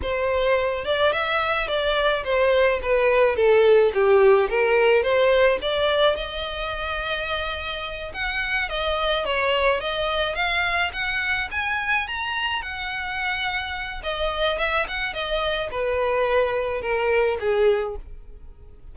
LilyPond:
\new Staff \with { instrumentName = "violin" } { \time 4/4 \tempo 4 = 107 c''4. d''8 e''4 d''4 | c''4 b'4 a'4 g'4 | ais'4 c''4 d''4 dis''4~ | dis''2~ dis''8 fis''4 dis''8~ |
dis''8 cis''4 dis''4 f''4 fis''8~ | fis''8 gis''4 ais''4 fis''4.~ | fis''4 dis''4 e''8 fis''8 dis''4 | b'2 ais'4 gis'4 | }